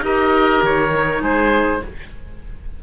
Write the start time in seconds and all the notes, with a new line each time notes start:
0.00 D#4 G4 A#4 D#5
0.62 D#3 C#5
0.91 D#4
1.21 G#3 G#4 C5